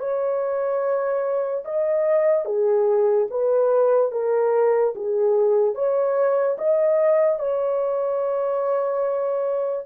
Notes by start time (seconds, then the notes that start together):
0.00 C#5
1.65 D#5
2.46 G#4
3.31 B4
4.12 A#4
4.96 G#4
5.75 C#5
6.59 D#5
7.40 C#5